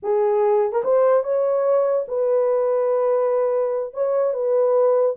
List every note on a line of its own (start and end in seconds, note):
0.02 0.72 G#4
0.72 0.82 A#4
0.84 1.23 C5
1.23 2.06 C#5
2.08 3.93 B4
3.93 4.33 C#5
4.33 5.16 B4